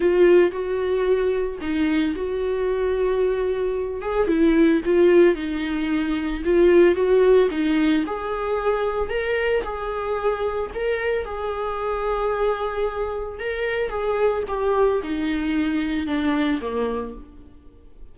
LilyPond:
\new Staff \with { instrumentName = "viola" } { \time 4/4 \tempo 4 = 112 f'4 fis'2 dis'4 | fis'2.~ fis'8 gis'8 | e'4 f'4 dis'2 | f'4 fis'4 dis'4 gis'4~ |
gis'4 ais'4 gis'2 | ais'4 gis'2.~ | gis'4 ais'4 gis'4 g'4 | dis'2 d'4 ais4 | }